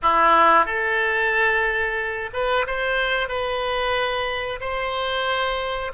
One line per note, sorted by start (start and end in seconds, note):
0.02 0.65 E4
0.65 2.30 A4
2.33 2.66 B4
2.66 3.28 C5
3.28 4.60 B4
4.60 5.92 C5